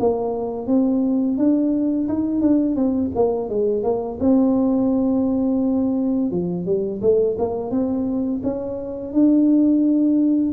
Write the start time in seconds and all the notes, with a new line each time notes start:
0.00 A#3
0.67 C4
1.38 D4
2.09 D#4
2.42 D4
2.76 C4
3.16 A#3
3.50 G#3
3.84 A#3
4.20 C4
6.31 F3
6.66 G3
7.02 A3
7.39 A#3
7.71 C4
8.44 C#4
9.13 D4